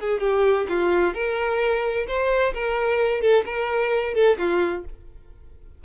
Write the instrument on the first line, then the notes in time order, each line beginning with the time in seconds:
violin
0.00 G#4
0.21 G4
0.69 F4
1.14 A#4
2.08 C5
2.54 A#4
3.22 A4
3.46 A#4
4.15 A4
4.39 F4